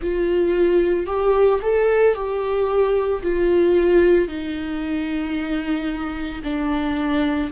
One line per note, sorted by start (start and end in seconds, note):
0.02 1.06 F4
1.06 1.60 G4
1.62 2.14 A4
2.14 3.21 G4
3.22 4.28 F4
4.28 6.42 D#4
6.43 7.50 D4